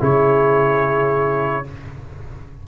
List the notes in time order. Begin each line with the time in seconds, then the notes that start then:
0.00 C#3 E4 G#4 C#5